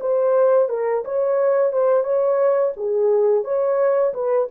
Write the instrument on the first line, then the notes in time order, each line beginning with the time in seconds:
horn
0.00 C5
0.69 A#4
1.04 C#5
1.72 C5
2.03 C#5
2.76 G#4
3.44 C#5
4.13 B4